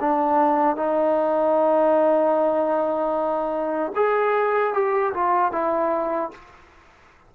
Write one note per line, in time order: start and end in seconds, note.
0.00 0.76 D4
0.76 3.92 D#4
3.95 4.73 G#4
4.73 5.13 G4
5.14 5.52 F4
5.52 6.31 E4